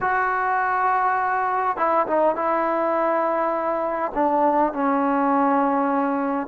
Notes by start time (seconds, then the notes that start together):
0.00 F#4
1.76 E4
2.06 D#4
2.35 E4
4.14 D4
4.73 C#4